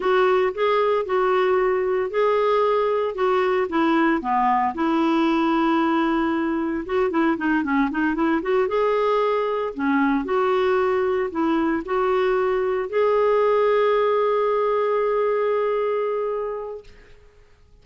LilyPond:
\new Staff \with { instrumentName = "clarinet" } { \time 4/4 \tempo 4 = 114 fis'4 gis'4 fis'2 | gis'2 fis'4 e'4 | b4 e'2.~ | e'4 fis'8 e'8 dis'8 cis'8 dis'8 e'8 |
fis'8 gis'2 cis'4 fis'8~ | fis'4. e'4 fis'4.~ | fis'8 gis'2.~ gis'8~ | gis'1 | }